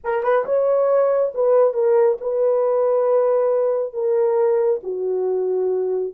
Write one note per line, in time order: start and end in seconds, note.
0.03 0.23 A#4
0.23 0.45 B4
0.45 1.32 C#5
1.34 1.73 B4
1.73 2.17 A#4
2.21 3.93 B4
3.93 4.80 A#4
4.83 6.13 F#4